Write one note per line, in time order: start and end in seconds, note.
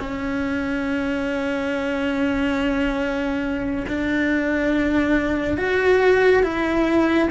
0.00 3.86 C#4
3.88 5.58 D4
5.58 6.44 F#4
6.44 7.29 E4